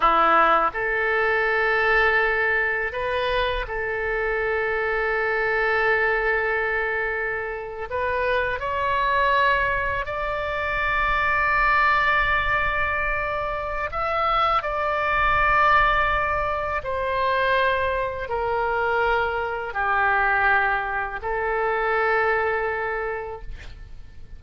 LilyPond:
\new Staff \with { instrumentName = "oboe" } { \time 4/4 \tempo 4 = 82 e'4 a'2. | b'4 a'2.~ | a'2~ a'8. b'4 cis''16~ | cis''4.~ cis''16 d''2~ d''16~ |
d''2. e''4 | d''2. c''4~ | c''4 ais'2 g'4~ | g'4 a'2. | }